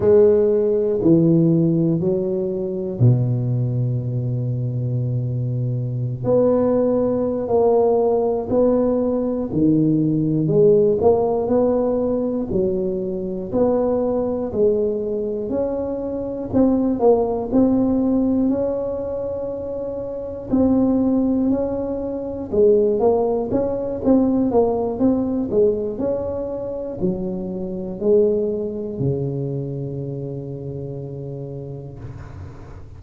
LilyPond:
\new Staff \with { instrumentName = "tuba" } { \time 4/4 \tempo 4 = 60 gis4 e4 fis4 b,4~ | b,2~ b,16 b4~ b16 ais8~ | ais8 b4 dis4 gis8 ais8 b8~ | b8 fis4 b4 gis4 cis'8~ |
cis'8 c'8 ais8 c'4 cis'4.~ | cis'8 c'4 cis'4 gis8 ais8 cis'8 | c'8 ais8 c'8 gis8 cis'4 fis4 | gis4 cis2. | }